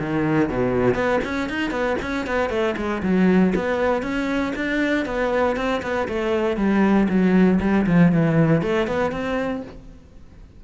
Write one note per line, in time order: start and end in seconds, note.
0.00 0.50 D#3
0.50 0.95 B2
0.95 1.20 B3
1.25 1.50 C#4
1.50 1.71 D#4
1.71 1.97 B3
2.02 2.27 C#4
2.27 2.50 B3
2.50 2.76 A3
2.77 3.03 G#3
3.03 3.54 F#3
3.56 4.03 B3
4.03 4.54 C#4
4.56 5.06 D4
5.06 5.57 B3
5.57 5.82 C4
5.83 6.08 B3
6.09 6.57 A3
6.57 7.08 G3
7.09 7.60 F#3
7.61 7.86 G3
7.87 8.12 F3
8.13 8.63 E3
8.63 8.88 A3
8.88 9.12 B3
9.12 9.63 C4